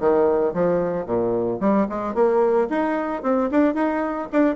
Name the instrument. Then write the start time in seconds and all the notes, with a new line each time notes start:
bassoon
0.00 D#3
0.54 F3
1.06 A#2
1.61 G3
1.90 G#3
2.14 A#3
2.70 D#4
3.23 C4
3.52 D4
3.75 D#4
4.33 D4